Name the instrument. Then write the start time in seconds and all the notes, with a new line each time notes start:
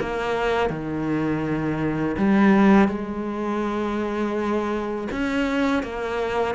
cello
0.00 A#3
0.70 D#3
2.17 G3
2.88 G#3
5.12 C#4
5.83 A#3